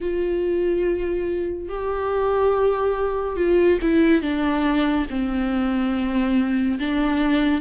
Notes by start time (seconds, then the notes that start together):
0.00 F4
1.69 G4
3.36 F4
3.81 E4
4.22 D4
5.09 C4
6.79 D4